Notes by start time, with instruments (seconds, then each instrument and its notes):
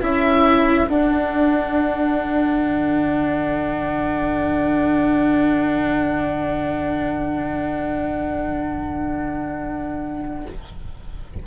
0.00 bassoon C#4, cello E4, horn A4, oboe E5
0.88 bassoon D4, cello D4, oboe F#5
2.59 bassoon D3